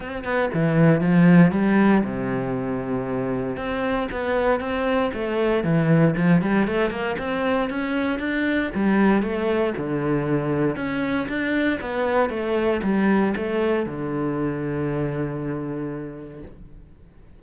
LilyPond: \new Staff \with { instrumentName = "cello" } { \time 4/4 \tempo 4 = 117 c'8 b8 e4 f4 g4 | c2. c'4 | b4 c'4 a4 e4 | f8 g8 a8 ais8 c'4 cis'4 |
d'4 g4 a4 d4~ | d4 cis'4 d'4 b4 | a4 g4 a4 d4~ | d1 | }